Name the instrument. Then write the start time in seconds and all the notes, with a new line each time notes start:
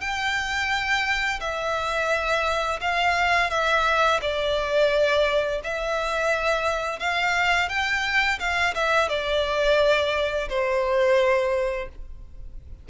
violin
0.00 G5
1.40 E5
2.81 F5
3.50 E5
4.21 D5
5.64 E5
6.99 F5
7.69 G5
8.39 F5
8.74 E5
9.09 D5
10.49 C5